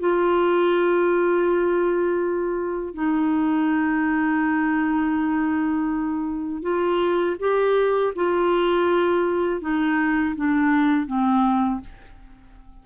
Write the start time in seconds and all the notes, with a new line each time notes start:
0.00 F4
2.94 D#4
6.62 F4
7.39 G4
8.15 F4
9.61 D#4
10.36 D4
11.07 C4